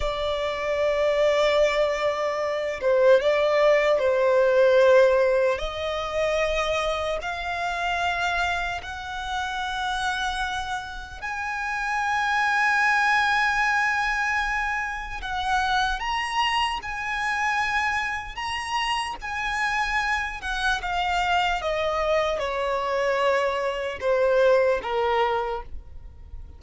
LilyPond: \new Staff \with { instrumentName = "violin" } { \time 4/4 \tempo 4 = 75 d''2.~ d''8 c''8 | d''4 c''2 dis''4~ | dis''4 f''2 fis''4~ | fis''2 gis''2~ |
gis''2. fis''4 | ais''4 gis''2 ais''4 | gis''4. fis''8 f''4 dis''4 | cis''2 c''4 ais'4 | }